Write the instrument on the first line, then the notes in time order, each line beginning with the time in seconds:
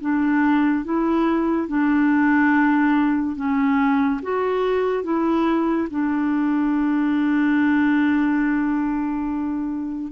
clarinet
0.00 D4
0.84 E4
1.68 D4
3.36 C#4
4.22 F#4
5.03 E4
5.90 D4